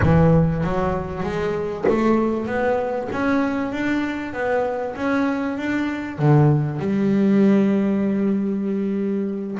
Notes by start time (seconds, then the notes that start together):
0.02 E3
0.64 F#3
1.23 G#3
1.88 A3
2.46 B3
3.12 C#4
3.72 D4
4.33 B3
4.95 C#4
5.57 D4
6.18 D3
6.79 G3